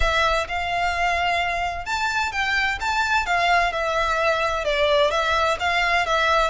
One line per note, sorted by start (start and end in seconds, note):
0.00 0.47 E5
0.48 1.85 F5
1.85 2.32 A5
2.32 2.78 G5
2.80 3.26 A5
3.26 3.72 F5
3.72 4.64 E5
4.64 5.11 D5
5.11 5.57 E5
5.59 6.06 F5
6.06 6.50 E5